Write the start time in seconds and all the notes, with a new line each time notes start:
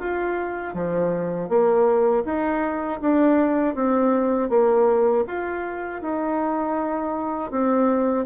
0.00 F4
0.74 F3
1.49 A#3
2.25 D#4
3.01 D4
3.75 C4
4.50 A#3
5.27 F4
6.02 D#4
7.51 C4